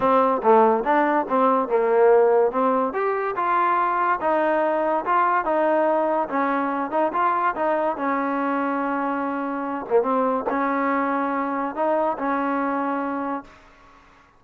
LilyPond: \new Staff \with { instrumentName = "trombone" } { \time 4/4 \tempo 4 = 143 c'4 a4 d'4 c'4 | ais2 c'4 g'4 | f'2 dis'2 | f'4 dis'2 cis'4~ |
cis'8 dis'8 f'4 dis'4 cis'4~ | cis'2.~ cis'8 ais8 | c'4 cis'2. | dis'4 cis'2. | }